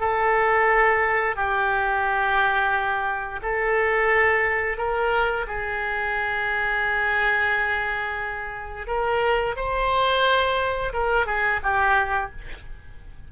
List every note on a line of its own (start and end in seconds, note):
0.00 1.36 A4
1.36 3.41 G4
3.42 4.78 A4
4.78 5.46 A#4
5.47 8.87 G#4
8.87 9.55 A#4
9.57 10.93 C5
10.93 11.26 A#4
11.26 11.60 G#4
11.63 12.31 G4